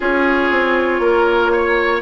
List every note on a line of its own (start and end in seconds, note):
0.00 0.50 C#4
0.00 2.02 F4
0.00 1.00 G#4
0.00 2.02 C#5
0.50 0.99 C4
0.99 2.00 A#3
0.99 1.51 A#4
1.51 2.02 C#5